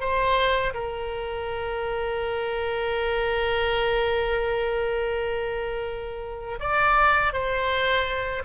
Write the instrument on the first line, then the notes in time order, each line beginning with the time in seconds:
oboe
0.00 C5
0.74 A#4
6.60 D5
7.33 C5